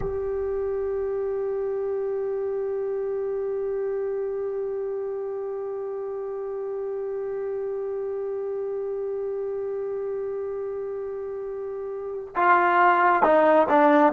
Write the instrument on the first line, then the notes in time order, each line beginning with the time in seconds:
trombone
0.00 G4
12.35 F4
13.22 D#4
13.68 D4